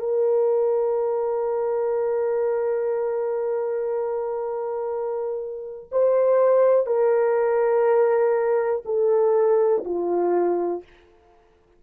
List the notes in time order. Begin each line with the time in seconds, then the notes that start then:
0.00 A#4
5.92 C5
6.87 A#4
8.86 A4
9.85 F4